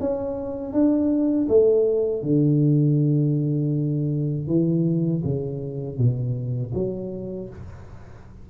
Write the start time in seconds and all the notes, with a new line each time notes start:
0.00 C#4
0.73 D4
1.48 A3
2.22 D3
4.47 E3
5.24 C#3
5.97 B2
6.74 F#3